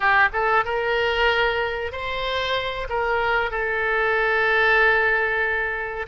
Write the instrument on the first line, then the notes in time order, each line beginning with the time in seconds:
oboe
0.00 G4
0.32 A4
0.64 A#4
1.91 C5
2.89 A#4
3.50 A4